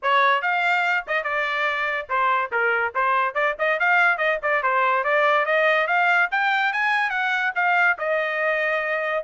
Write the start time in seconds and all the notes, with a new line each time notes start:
0.02 C#5
0.42 F5
1.07 D#5
1.23 D5
2.09 C5
2.51 A#4
2.94 C5
3.34 D5
3.58 D#5
3.79 F5
4.17 D#5
4.42 D5
4.63 C5
5.03 D5
5.45 D#5
5.87 F5
6.31 G5
6.72 G#5
7.09 F#5
7.55 F5
7.98 D#5